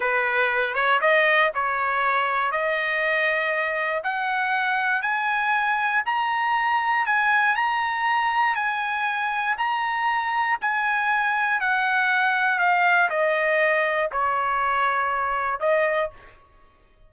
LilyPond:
\new Staff \with { instrumentName = "trumpet" } { \time 4/4 \tempo 4 = 119 b'4. cis''8 dis''4 cis''4~ | cis''4 dis''2. | fis''2 gis''2 | ais''2 gis''4 ais''4~ |
ais''4 gis''2 ais''4~ | ais''4 gis''2 fis''4~ | fis''4 f''4 dis''2 | cis''2. dis''4 | }